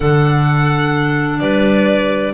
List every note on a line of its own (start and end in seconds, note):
0.00 1.40 D3
0.00 2.34 D4
0.00 1.40 A4
0.00 1.39 F#5
1.39 2.34 G3
1.39 2.34 B4
1.39 2.33 D5